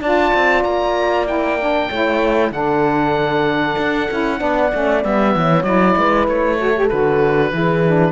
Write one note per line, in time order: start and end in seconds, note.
0.00 0.32 D4
0.00 1.26 F4
0.00 1.88 D5
0.00 0.63 A5
0.34 0.64 C4
0.63 1.89 A#3
0.63 1.26 A#5
1.26 1.57 E4
1.26 2.52 G5
1.59 1.90 D4
1.88 2.51 A3
1.88 2.51 E4
1.88 2.51 C#5
2.51 3.76 D3
2.51 4.08 D4
2.51 4.39 A4
2.51 5.02 F#5
3.77 4.08 D4
4.10 4.40 C#4
4.10 4.38 E4
4.38 4.72 B3
4.38 4.69 D4
4.38 5.33 D5
4.72 5.04 A3
4.72 5.02 C#4
5.02 5.35 G3
5.02 5.64 B3
5.02 5.63 E5
5.35 5.63 E3
5.35 5.98 C#5
5.63 5.94 F#3
5.63 6.58 E4
5.63 6.26 D5
5.96 6.28 G#3
5.96 6.59 B4
6.28 6.90 A3
6.28 6.89 C#5
6.58 6.74 F#4
6.58 7.52 A4
6.75 6.89 G4
6.89 7.52 D3
6.89 7.51 F#4
6.89 8.12 B4
7.51 8.12 E3
7.51 7.82 E4
7.51 8.12 G#4
7.86 8.12 D4